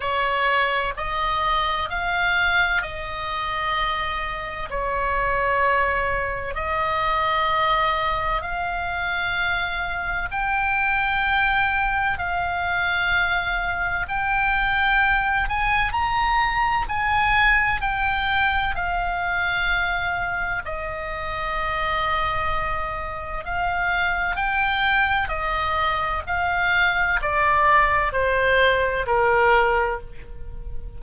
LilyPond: \new Staff \with { instrumentName = "oboe" } { \time 4/4 \tempo 4 = 64 cis''4 dis''4 f''4 dis''4~ | dis''4 cis''2 dis''4~ | dis''4 f''2 g''4~ | g''4 f''2 g''4~ |
g''8 gis''8 ais''4 gis''4 g''4 | f''2 dis''2~ | dis''4 f''4 g''4 dis''4 | f''4 d''4 c''4 ais'4 | }